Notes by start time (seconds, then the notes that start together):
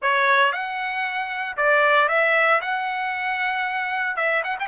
0.02 C#5
0.52 F#5
1.56 D5
2.08 E5
2.61 F#5
4.16 E5
4.43 F#5
4.59 G5